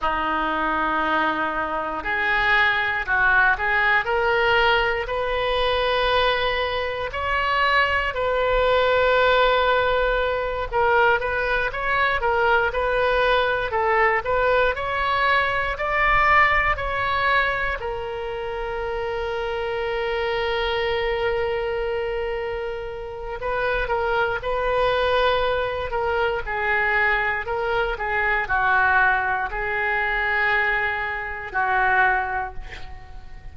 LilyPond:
\new Staff \with { instrumentName = "oboe" } { \time 4/4 \tempo 4 = 59 dis'2 gis'4 fis'8 gis'8 | ais'4 b'2 cis''4 | b'2~ b'8 ais'8 b'8 cis''8 | ais'8 b'4 a'8 b'8 cis''4 d''8~ |
d''8 cis''4 ais'2~ ais'8~ | ais'2. b'8 ais'8 | b'4. ais'8 gis'4 ais'8 gis'8 | fis'4 gis'2 fis'4 | }